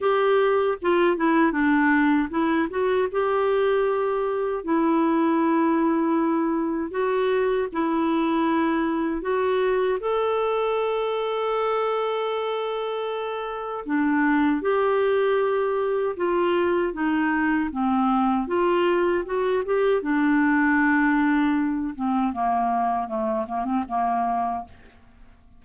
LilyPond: \new Staff \with { instrumentName = "clarinet" } { \time 4/4 \tempo 4 = 78 g'4 f'8 e'8 d'4 e'8 fis'8 | g'2 e'2~ | e'4 fis'4 e'2 | fis'4 a'2.~ |
a'2 d'4 g'4~ | g'4 f'4 dis'4 c'4 | f'4 fis'8 g'8 d'2~ | d'8 c'8 ais4 a8 ais16 c'16 ais4 | }